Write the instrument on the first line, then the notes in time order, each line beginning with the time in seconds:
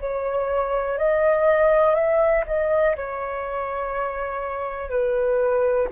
flute
0.00 C#5
0.97 D#5
1.95 E5
2.46 D#5
2.96 C#5
4.89 B4